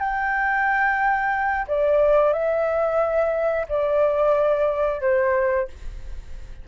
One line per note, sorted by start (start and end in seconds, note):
0.00 1.67 G5
1.68 2.34 D5
2.34 3.67 E5
3.69 5.02 D5
5.02 5.68 C5